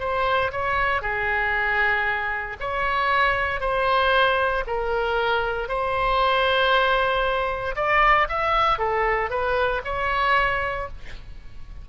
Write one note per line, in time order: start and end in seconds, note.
0.00 0.52 C5
0.52 1.02 C#5
1.02 2.57 G#4
2.60 3.61 C#5
3.61 4.64 C5
4.67 5.69 A#4
5.69 7.76 C5
7.76 8.28 D5
8.29 8.79 E5
8.79 9.31 A4
9.31 9.82 B4
9.85 10.88 C#5